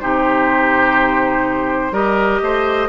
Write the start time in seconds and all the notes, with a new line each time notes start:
0.00 C3 D#4 G4 C5
1.91 G3 G4 A#4 D#5
2.41 A3 C5